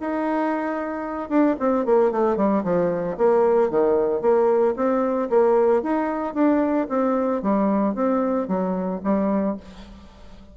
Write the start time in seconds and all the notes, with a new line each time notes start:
0.00 D#4
1.29 D4
1.59 C4
1.85 A#3
2.11 A3
2.36 G3
2.64 F3
3.17 A#3
3.70 D#3
4.21 A#3
4.76 C4
5.30 A#3
5.82 D#4
6.34 D4
6.89 C4
7.42 G3
7.95 C4
8.48 F#3
9.04 G3